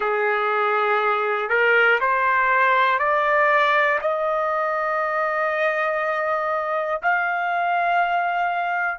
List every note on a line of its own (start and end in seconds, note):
0.00 1.49 G#4
1.49 1.99 A#4
2.00 2.98 C5
2.98 3.98 D5
4.01 7.01 D#5
7.02 8.98 F5